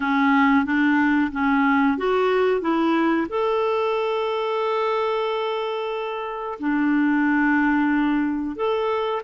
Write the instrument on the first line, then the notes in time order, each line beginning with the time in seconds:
clarinet
0.00 C#4
0.65 D4
1.32 C#4
1.98 F#4
2.61 E4
3.29 A4
6.59 D4
8.56 A4